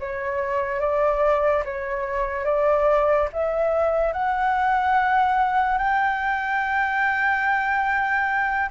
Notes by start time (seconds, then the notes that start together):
0.00 C#5
0.80 D5
1.65 C#5
2.45 D5
3.33 E5
4.13 F#5
5.78 G5